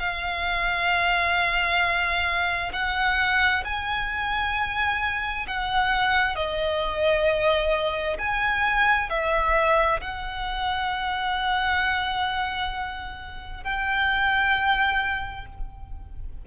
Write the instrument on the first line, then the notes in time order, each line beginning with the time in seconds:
violin
0.00 F5
2.73 F#5
3.65 G#5
5.48 F#5
6.36 D#5
8.19 G#5
9.10 E5
10.01 F#5
13.64 G5